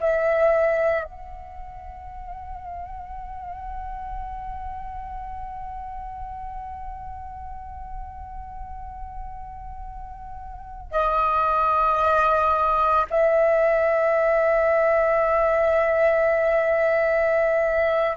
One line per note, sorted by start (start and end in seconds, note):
0.00 1.04 E5
1.04 10.91 F#5
10.91 13.06 D#5
13.10 18.17 E5